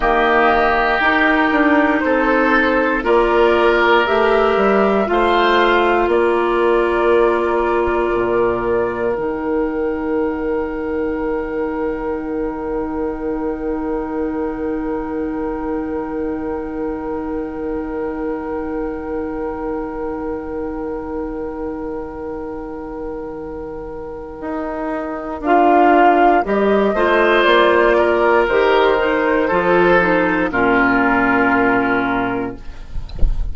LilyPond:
<<
  \new Staff \with { instrumentName = "flute" } { \time 4/4 \tempo 4 = 59 dis''4 ais'4 c''4 d''4 | e''4 f''4 d''2~ | d''4 g''2.~ | g''1~ |
g''1~ | g''1~ | g''4 f''4 dis''4 d''4 | c''2 ais'2 | }
  \new Staff \with { instrumentName = "oboe" } { \time 4/4 g'2 a'4 ais'4~ | ais'4 c''4 ais'2~ | ais'1~ | ais'1~ |
ais'1~ | ais'1~ | ais'2~ ais'8 c''4 ais'8~ | ais'4 a'4 f'2 | }
  \new Staff \with { instrumentName = "clarinet" } { \time 4/4 ais4 dis'2 f'4 | g'4 f'2.~ | f'4 dis'2.~ | dis'1~ |
dis'1~ | dis'1~ | dis'4 f'4 g'8 f'4. | g'8 dis'8 f'8 dis'8 cis'2 | }
  \new Staff \with { instrumentName = "bassoon" } { \time 4/4 dis4 dis'8 d'8 c'4 ais4 | a8 g8 a4 ais2 | ais,4 dis2.~ | dis1~ |
dis1~ | dis1 | dis'4 d'4 g8 a8 ais4 | dis4 f4 ais,2 | }
>>